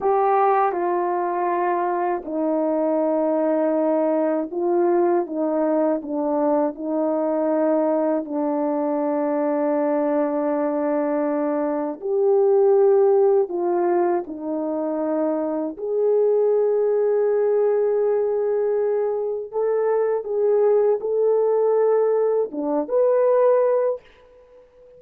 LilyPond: \new Staff \with { instrumentName = "horn" } { \time 4/4 \tempo 4 = 80 g'4 f'2 dis'4~ | dis'2 f'4 dis'4 | d'4 dis'2 d'4~ | d'1 |
g'2 f'4 dis'4~ | dis'4 gis'2.~ | gis'2 a'4 gis'4 | a'2 d'8 b'4. | }